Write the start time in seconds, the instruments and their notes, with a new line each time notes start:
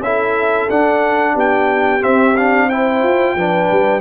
0.00 tuba C#4, trombone E4, horn A4, trumpet E5
0.70 trombone D4, tuba D4, trumpet F#5
1.34 tuba B3, horn G4, trumpet G5
2.01 trombone C4, tuba C4, trumpet E5
2.37 trombone D4, trumpet F5
2.69 trombone E4, horn C5, trumpet G5
3.03 tuba F4
3.35 tuba F3, trombone D4, horn B4
3.71 tuba G3